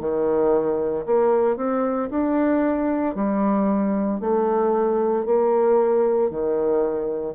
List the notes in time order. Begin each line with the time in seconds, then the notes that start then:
0.00 D#3
1.06 A#3
1.57 C4
2.10 D4
3.15 G3
4.20 A3
5.25 A#3
6.30 D#3